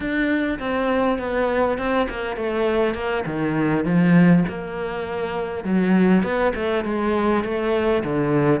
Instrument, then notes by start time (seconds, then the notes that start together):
cello
0.00 D4
0.59 C4
1.18 B3
1.78 C4
2.09 A#3
2.36 A3
2.94 A#3
3.26 D#3
3.85 F3
4.48 A#3
5.64 F#3
6.23 B3
6.55 A3
6.84 G#3
7.44 A3
8.03 D3